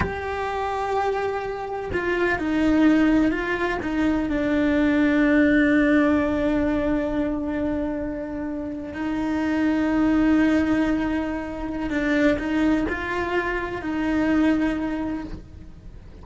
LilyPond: \new Staff \with { instrumentName = "cello" } { \time 4/4 \tempo 4 = 126 g'1 | f'4 dis'2 f'4 | dis'4 d'2.~ | d'1~ |
d'2~ d'8. dis'4~ dis'16~ | dis'1~ | dis'4 d'4 dis'4 f'4~ | f'4 dis'2. | }